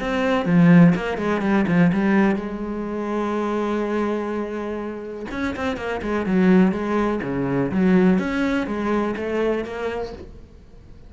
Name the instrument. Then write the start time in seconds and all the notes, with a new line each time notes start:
cello
0.00 C4
0.46 F3
0.95 A#3
1.17 G#3
1.41 G3
1.67 F3
1.92 G3
2.36 G#3
5.31 C#4
5.56 C4
5.77 A#3
6.02 G#3
6.26 F#3
6.72 G#3
7.23 C#3
7.72 F#3
8.19 C#4
8.67 G#3
9.16 A3
9.64 A#3